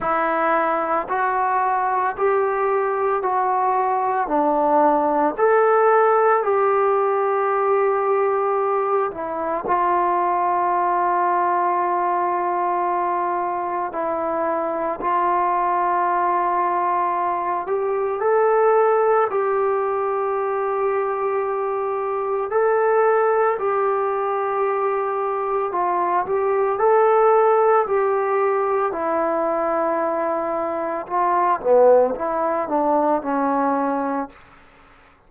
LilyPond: \new Staff \with { instrumentName = "trombone" } { \time 4/4 \tempo 4 = 56 e'4 fis'4 g'4 fis'4 | d'4 a'4 g'2~ | g'8 e'8 f'2.~ | f'4 e'4 f'2~ |
f'8 g'8 a'4 g'2~ | g'4 a'4 g'2 | f'8 g'8 a'4 g'4 e'4~ | e'4 f'8 b8 e'8 d'8 cis'4 | }